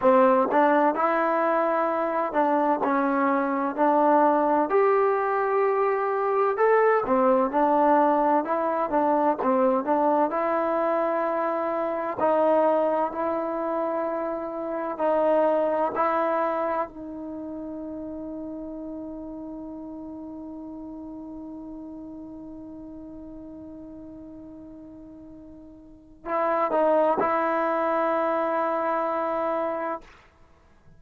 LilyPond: \new Staff \with { instrumentName = "trombone" } { \time 4/4 \tempo 4 = 64 c'8 d'8 e'4. d'8 cis'4 | d'4 g'2 a'8 c'8 | d'4 e'8 d'8 c'8 d'8 e'4~ | e'4 dis'4 e'2 |
dis'4 e'4 dis'2~ | dis'1~ | dis'1 | e'8 dis'8 e'2. | }